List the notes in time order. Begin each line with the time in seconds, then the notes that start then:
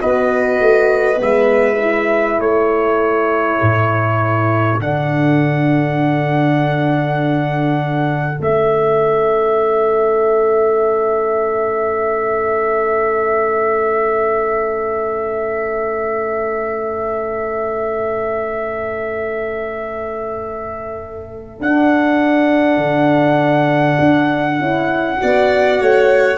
0.00 B3 F#4 B4 D#5
0.60 A3
1.16 G#3 B3
1.22 E5
1.80 E4
2.39 A3 A4 C#5
3.62 A2
4.79 D3 D4 F#5
8.36 A3 C#4 E5
21.59 D4 F#5
22.78 D3
23.99 D4
24.59 C#4 E4
25.17 B3 F#4 D5
25.81 A3 C#5